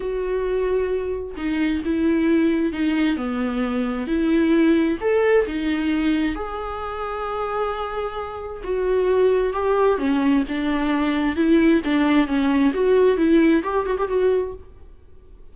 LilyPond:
\new Staff \with { instrumentName = "viola" } { \time 4/4 \tempo 4 = 132 fis'2. dis'4 | e'2 dis'4 b4~ | b4 e'2 a'4 | dis'2 gis'2~ |
gis'2. fis'4~ | fis'4 g'4 cis'4 d'4~ | d'4 e'4 d'4 cis'4 | fis'4 e'4 g'8 fis'16 g'16 fis'4 | }